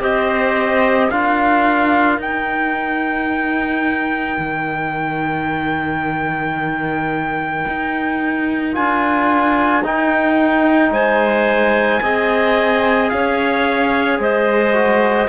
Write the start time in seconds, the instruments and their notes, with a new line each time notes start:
0.00 cello C4, trombone G4, clarinet C5, trumpet D#5
1.10 cello D4, trombone F4, clarinet A#4, trumpet F5
2.18 cello D#4, trombone D#4, trumpet G5
4.38 cello D#3
7.67 cello D#4
8.73 cello D4, trombone F4, trumpet G#5
9.84 cello D#4, trombone D#4, trumpet G5
10.90 cello G#3, clarinet C5, trumpet G#5
12.02 cello C4, trombone G#4, clarinet D#5
13.10 cello C#4, clarinet C#5, trumpet F5
14.18 cello G#3, clarinet C5, trumpet D#5
14.74 trombone F#4